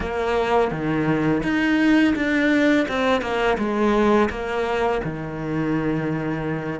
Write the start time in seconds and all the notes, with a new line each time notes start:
0.00 A#3
0.71 D#3
1.43 D#4
2.15 D4
2.88 C4
3.21 A#3
3.57 G#3
4.30 A#3
5.04 D#3